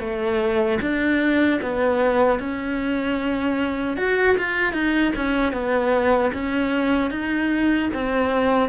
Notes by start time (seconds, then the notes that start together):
0.00 A3
0.81 D4
1.62 B3
2.40 C#4
3.97 F#4
4.38 F4
4.73 D#4
5.16 C#4
5.53 B3
6.34 C#4
7.11 D#4
7.94 C4